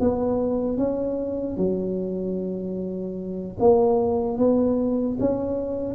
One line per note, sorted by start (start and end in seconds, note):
0.00 0.77 B3
0.77 1.57 C#4
1.57 3.57 F#3
3.59 4.37 A#3
4.37 5.17 B3
5.20 5.94 C#4